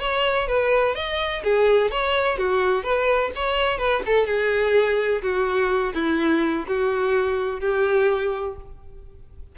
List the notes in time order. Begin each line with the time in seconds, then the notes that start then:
0.00 C#5
0.48 B4
0.95 D#5
1.43 G#4
1.91 C#5
2.38 F#4
2.83 B4
3.35 C#5
3.78 B4
4.06 A4
4.27 G#4
5.22 F#4
5.94 E4
6.67 F#4
7.60 G4